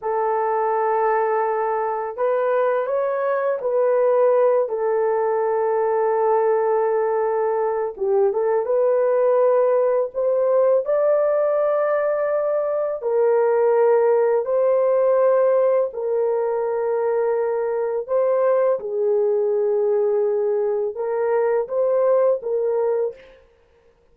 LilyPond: \new Staff \with { instrumentName = "horn" } { \time 4/4 \tempo 4 = 83 a'2. b'4 | cis''4 b'4. a'4.~ | a'2. g'8 a'8 | b'2 c''4 d''4~ |
d''2 ais'2 | c''2 ais'2~ | ais'4 c''4 gis'2~ | gis'4 ais'4 c''4 ais'4 | }